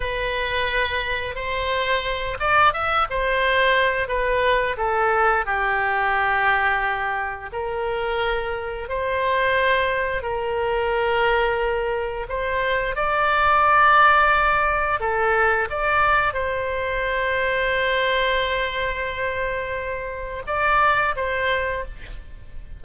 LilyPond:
\new Staff \with { instrumentName = "oboe" } { \time 4/4 \tempo 4 = 88 b'2 c''4. d''8 | e''8 c''4. b'4 a'4 | g'2. ais'4~ | ais'4 c''2 ais'4~ |
ais'2 c''4 d''4~ | d''2 a'4 d''4 | c''1~ | c''2 d''4 c''4 | }